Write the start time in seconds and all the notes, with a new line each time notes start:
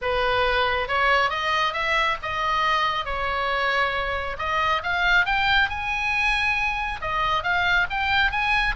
0.01 B4
0.88 C#5
1.30 D#5
1.73 E5
2.22 D#5
3.05 C#5
4.38 D#5
4.83 F5
5.25 G5
5.69 G#5
7.01 D#5
7.43 F5
7.90 G5
8.31 G#5